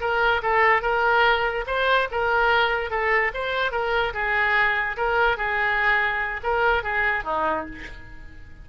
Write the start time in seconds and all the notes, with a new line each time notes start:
0.00 A#4
0.42 A4
0.82 A#4
1.67 C5
2.11 A#4
2.90 A4
3.34 C5
3.71 A#4
4.13 G#4
4.97 A#4
5.37 G#4
6.43 A#4
6.83 G#4
7.24 D#4